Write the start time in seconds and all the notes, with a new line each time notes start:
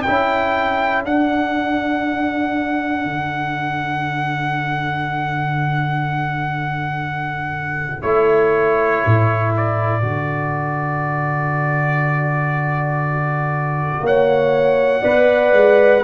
0.00 A4 G5
0.07 C#4 E4
1.05 D4 F#5
3.05 D3
8.02 A3 E4 C#5
9.06 A2
9.57 D5
10.02 D3 F#4
14.01 A#3 C#5 F#5
15.02 B3 B4 D5
15.53 G#3